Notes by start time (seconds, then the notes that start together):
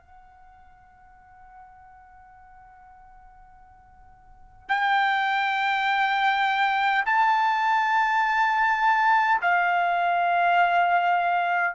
0.00 F#5
4.70 G5
7.06 A5
9.42 F5